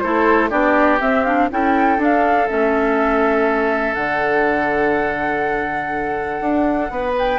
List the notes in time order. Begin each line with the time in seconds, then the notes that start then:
0.00 A3 E4 A4 C5
0.50 B3 D4 G4 D5
1.01 C4 E5
1.25 D4 F5
1.51 C#4 E4 A4 G5
1.98 D4 F5
2.49 A3 C#4 E5
3.95 D3 D4 F#5
6.41 D4
6.90 B3 B4
7.19 G5